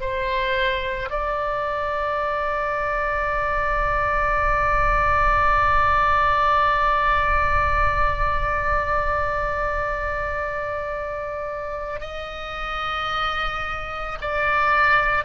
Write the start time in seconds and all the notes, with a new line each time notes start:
0.00 C5
1.10 D5
12.00 D#5
14.21 D5